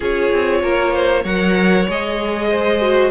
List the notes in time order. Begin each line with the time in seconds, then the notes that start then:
0.00 C#4 F4 G#4 C#5
0.32 C4
0.62 A#3 A#4
0.93 C5
1.22 F#3 A#4 C#5 F#5
1.88 G#3 G#4 D#5
2.49 C5
2.80 F#4